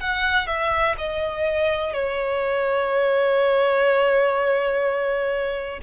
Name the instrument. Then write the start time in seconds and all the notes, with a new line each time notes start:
violin
0.00 F#5
0.47 E5
0.98 D#5
1.93 C#5